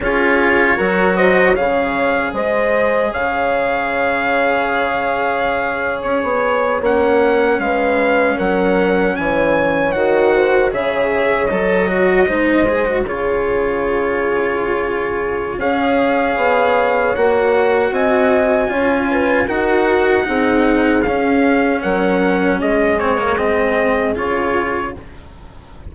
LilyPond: <<
  \new Staff \with { instrumentName = "trumpet" } { \time 4/4 \tempo 4 = 77 cis''4. dis''8 f''4 dis''4 | f''2.~ f''8. cis''16~ | cis''8. fis''4 f''4 fis''4 gis''16~ | gis''8. fis''4 e''4 dis''4~ dis''16~ |
dis''8. cis''2.~ cis''16 | f''2 fis''4 gis''4~ | gis''4 fis''2 f''4 | fis''4 dis''8 cis''8 dis''4 cis''4 | }
  \new Staff \with { instrumentName = "horn" } { \time 4/4 gis'4 ais'8 c''8 cis''4 c''4 | cis''1~ | cis''4.~ cis''16 b'4 ais'4 cis''16~ | cis''4~ cis''16 c''8 cis''2 c''16~ |
c''8. gis'2.~ gis'16 | cis''2. dis''4 | cis''8 b'8 ais'4 gis'2 | ais'4 gis'2. | }
  \new Staff \with { instrumentName = "cello" } { \time 4/4 f'4 fis'4 gis'2~ | gis'1~ | gis'8. cis'2.~ cis'16~ | cis'8. fis'4 gis'4 a'8 fis'8 dis'16~ |
dis'16 gis'16 fis'16 f'2.~ f'16 | gis'2 fis'2 | f'4 fis'4 dis'4 cis'4~ | cis'4. c'16 ais16 c'4 f'4 | }
  \new Staff \with { instrumentName = "bassoon" } { \time 4/4 cis'4 fis4 cis4 gis4 | cis2.~ cis8. cis'16 | b8. ais4 gis4 fis4 e16~ | e8. dis4 cis4 fis4 gis16~ |
gis8. cis2.~ cis16 | cis'4 b4 ais4 c'4 | cis'4 dis'4 c'4 cis'4 | fis4 gis2 cis4 | }
>>